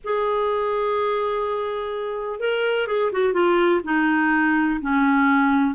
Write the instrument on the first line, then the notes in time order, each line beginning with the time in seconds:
clarinet
0.03 G#4
2.39 A#4
2.87 G#4
3.12 F#4
3.33 F4
3.84 D#4
4.81 C#4